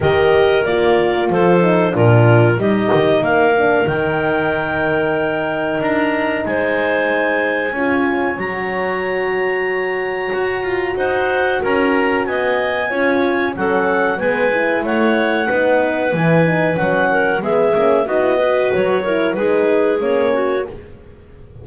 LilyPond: <<
  \new Staff \with { instrumentName = "clarinet" } { \time 4/4 \tempo 4 = 93 dis''4 d''4 c''4 ais'4 | dis''4 f''4 g''2~ | g''4 ais''4 gis''2~ | gis''4 ais''2.~ |
ais''4 fis''4 ais''4 gis''4~ | gis''4 fis''4 gis''4 fis''4~ | fis''4 gis''4 fis''4 e''4 | dis''4 cis''4 b'4 cis''4 | }
  \new Staff \with { instrumentName = "clarinet" } { \time 4/4 ais'2 a'4 f'4 | g'4 ais'2.~ | ais'2 c''2 | cis''1~ |
cis''4 c''4 ais'4 dis''4 | cis''4 a'4 b'4 cis''4 | b'2~ b'8 ais'8 gis'4 | fis'8 b'4 ais'8 gis'4. fis'8 | }
  \new Staff \with { instrumentName = "horn" } { \time 4/4 g'4 f'4. dis'8 d'4 | dis'4. d'8 dis'2~ | dis'1 | f'4 fis'2.~ |
fis'1 | f'4 cis'4 b8 e'4. | dis'4 e'8 dis'8 cis'4 b8 cis'8 | dis'16 e'16 fis'4 e'8 dis'4 cis'4 | }
  \new Staff \with { instrumentName = "double bass" } { \time 4/4 dis4 ais4 f4 ais,4 | g8 dis8 ais4 dis2~ | dis4 d'4 gis2 | cis'4 fis2. |
fis'8 f'8 dis'4 cis'4 b4 | cis'4 fis4 gis4 a4 | b4 e4 fis4 gis8 ais8 | b4 fis4 gis4 ais4 | }
>>